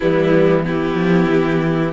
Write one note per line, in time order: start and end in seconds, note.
0.00 0.94 E3
0.00 0.62 G3
0.00 0.65 B3
0.00 0.63 E4
0.62 1.91 B3
0.62 1.92 E4
0.62 1.92 G4
0.94 1.26 F3
1.29 1.92 E3